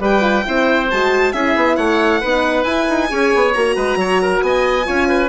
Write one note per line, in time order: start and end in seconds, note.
0.00 0.44 G3
0.00 0.21 G4
0.00 0.45 B4
0.00 0.91 G5
0.21 0.43 F4
0.45 0.93 C4
0.45 0.90 E4
0.45 1.34 C5
0.91 1.34 G#3
0.91 1.35 F#4
0.91 1.33 A5
1.33 1.56 C#4
1.33 2.23 E4
1.33 1.77 G#4
1.33 1.76 E5
1.56 1.78 B3
1.76 2.22 A3
1.76 2.21 C#5
1.76 2.64 F#5
2.21 2.64 B3
2.21 2.66 D#4
2.21 3.09 B4
2.64 2.86 E4
2.64 3.09 E4
2.64 3.52 G#5
2.90 3.12 D#4
3.09 3.34 C#4
3.09 3.53 G#4
3.09 3.76 C#5
3.35 3.56 B3
3.54 3.77 A#3
3.54 4.85 F#4
3.54 4.42 A#5
3.76 3.96 G#3
3.76 3.98 B4
3.96 4.40 F#3
3.96 4.22 C#5
4.22 4.44 A#4
4.42 4.86 B3
4.42 4.87 D#5
4.42 5.30 G#5
4.85 5.30 C#4
4.85 5.29 F4
4.85 5.08 C#5
5.08 5.30 B4